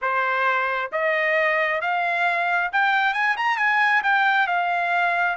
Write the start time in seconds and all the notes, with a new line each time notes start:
0.01 C5
0.92 D#5
1.81 F5
2.72 G5
3.13 G#5
3.36 A#5
3.57 G#5
4.03 G5
4.47 F5